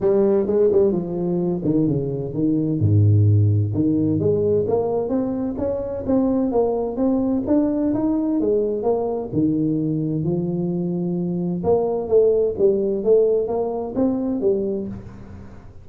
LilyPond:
\new Staff \with { instrumentName = "tuba" } { \time 4/4 \tempo 4 = 129 g4 gis8 g8 f4. dis8 | cis4 dis4 gis,2 | dis4 gis4 ais4 c'4 | cis'4 c'4 ais4 c'4 |
d'4 dis'4 gis4 ais4 | dis2 f2~ | f4 ais4 a4 g4 | a4 ais4 c'4 g4 | }